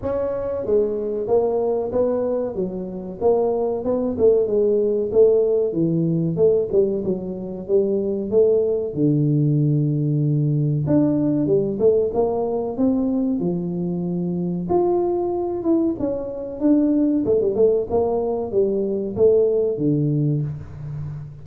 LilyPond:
\new Staff \with { instrumentName = "tuba" } { \time 4/4 \tempo 4 = 94 cis'4 gis4 ais4 b4 | fis4 ais4 b8 a8 gis4 | a4 e4 a8 g8 fis4 | g4 a4 d2~ |
d4 d'4 g8 a8 ais4 | c'4 f2 f'4~ | f'8 e'8 cis'4 d'4 a16 g16 a8 | ais4 g4 a4 d4 | }